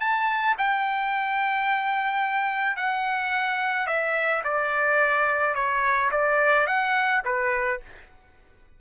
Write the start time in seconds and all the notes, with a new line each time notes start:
0.00 A5
0.58 G5
2.77 F#5
3.87 E5
4.44 D5
5.55 C#5
6.11 D5
6.67 F#5
7.25 B4